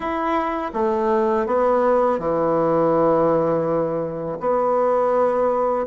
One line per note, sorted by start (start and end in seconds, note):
0.00 0.72 E4
0.73 1.46 A3
1.46 2.19 B3
2.19 4.38 E3
4.39 5.86 B3